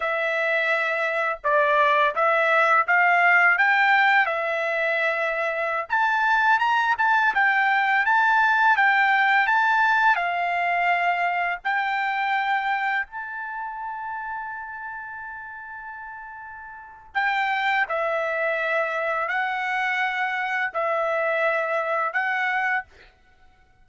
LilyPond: \new Staff \with { instrumentName = "trumpet" } { \time 4/4 \tempo 4 = 84 e''2 d''4 e''4 | f''4 g''4 e''2~ | e''16 a''4 ais''8 a''8 g''4 a''8.~ | a''16 g''4 a''4 f''4.~ f''16~ |
f''16 g''2 a''4.~ a''16~ | a''1 | g''4 e''2 fis''4~ | fis''4 e''2 fis''4 | }